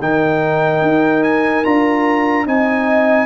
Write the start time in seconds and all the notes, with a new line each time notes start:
0.00 D#3 D#4 A#4 G5
0.81 D#4
1.23 G#5
1.64 D4 F4 A#5
2.46 C4 D#4 D#5 G#5